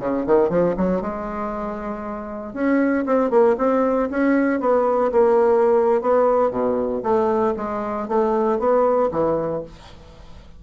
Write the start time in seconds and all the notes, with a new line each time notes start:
0.00 C#3
0.27 D#3
0.50 F3
0.77 F#3
1.02 G#3
2.54 C#4
3.06 C4
3.31 A#3
3.58 C4
4.10 C#4
4.61 B3
5.12 A#3
6.02 B3
6.51 B2
7.03 A3
7.57 G#3
8.09 A3
8.59 B3
9.12 E3